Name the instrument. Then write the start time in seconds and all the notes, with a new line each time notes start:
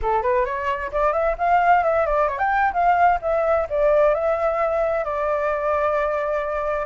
flute
0.01 A4
0.22 B4
0.45 C#5
0.92 D5
1.12 E5
1.38 F5
1.83 E5
2.05 D5
2.28 C#5
2.38 G5
2.73 F5
3.21 E5
3.69 D5
4.14 E5
5.04 D5